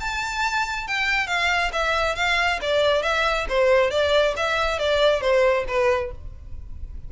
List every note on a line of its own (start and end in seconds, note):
0.00 0.87 A5
0.87 1.27 G5
1.27 1.71 F5
1.73 2.15 E5
2.15 2.59 F5
2.61 3.02 D5
3.02 3.46 E5
3.49 3.91 C5
3.91 4.34 D5
4.37 4.79 E5
4.79 5.21 D5
5.21 5.65 C5
5.68 6.11 B4